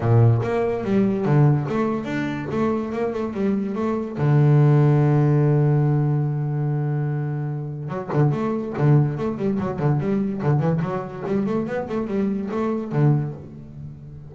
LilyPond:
\new Staff \with { instrumentName = "double bass" } { \time 4/4 \tempo 4 = 144 ais,4 ais4 g4 d4 | a4 d'4 a4 ais8 a8 | g4 a4 d2~ | d1~ |
d2. fis8 d8 | a4 d4 a8 g8 fis8 d8 | g4 d8 e8 fis4 g8 a8 | b8 a8 g4 a4 d4 | }